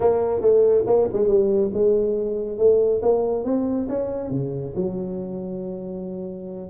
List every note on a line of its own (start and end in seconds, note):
0.00 0.41 A#3
0.41 0.84 A3
0.86 1.08 A#3
1.12 1.28 G#3
1.28 1.71 G3
1.73 2.57 G#3
2.57 3.01 A3
3.01 3.44 A#3
3.44 3.87 C4
3.88 4.30 C#4
4.30 4.73 C#3
4.75 6.69 F#3